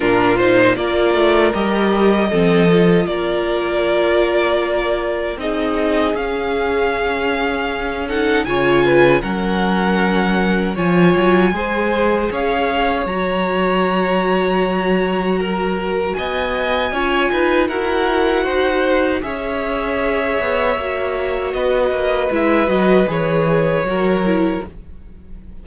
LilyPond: <<
  \new Staff \with { instrumentName = "violin" } { \time 4/4 \tempo 4 = 78 ais'8 c''8 d''4 dis''2 | d''2. dis''4 | f''2~ f''8 fis''8 gis''4 | fis''2 gis''2 |
f''4 ais''2.~ | ais''4 gis''2 fis''4~ | fis''4 e''2. | dis''4 e''8 dis''8 cis''2 | }
  \new Staff \with { instrumentName = "violin" } { \time 4/4 f'4 ais'2 a'4 | ais'2. gis'4~ | gis'2~ gis'8 a'8 cis''8 b'8 | ais'2 cis''4 c''4 |
cis''1 | ais'4 dis''4 cis''8 b'8 ais'4 | c''4 cis''2. | b'2. ais'4 | }
  \new Staff \with { instrumentName = "viola" } { \time 4/4 d'8 dis'8 f'4 g'4 c'8 f'8~ | f'2. dis'4 | cis'2~ cis'8 dis'8 f'4 | cis'2 f'4 gis'4~ |
gis'4 fis'2.~ | fis'2 f'4 fis'4~ | fis'4 gis'2 fis'4~ | fis'4 e'8 fis'8 gis'4 fis'8 e'8 | }
  \new Staff \with { instrumentName = "cello" } { \time 4/4 ais,4 ais8 a8 g4 f4 | ais2. c'4 | cis'2. cis4 | fis2 f8 fis8 gis4 |
cis'4 fis2.~ | fis4 b4 cis'8 dis'8 e'4 | dis'4 cis'4. b8 ais4 | b8 ais8 gis8 fis8 e4 fis4 | }
>>